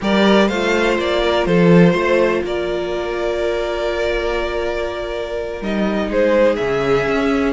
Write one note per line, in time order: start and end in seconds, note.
0.01 0.49 G3
0.01 0.49 G4
0.01 0.48 A#4
0.01 0.48 D5
0.48 0.98 A3
0.48 5.63 F4
0.48 1.21 C5
0.48 0.97 F5
0.98 1.46 A#3
0.98 1.45 D5
1.23 1.47 A#4
1.45 1.94 F3
1.45 1.92 A4
1.45 2.42 C5
1.92 2.42 A3
1.92 2.41 C5
2.44 5.60 A#3
2.44 6.09 A#4
2.44 5.63 D5
5.60 6.08 G3
5.60 6.59 D#4
5.60 6.12 D#5
6.08 6.57 G#3
6.08 7.53 G#4
6.08 6.56 C5
6.56 7.07 C#3
6.56 7.53 C#4
6.56 7.53 E5
7.07 7.53 C#4